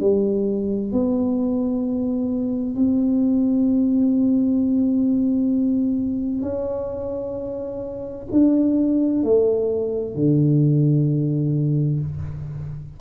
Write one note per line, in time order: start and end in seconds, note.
0.00 0.92 G3
0.92 2.75 B3
2.75 6.42 C4
6.42 8.26 C#4
8.32 9.23 D4
9.23 10.15 A3
10.15 12.00 D3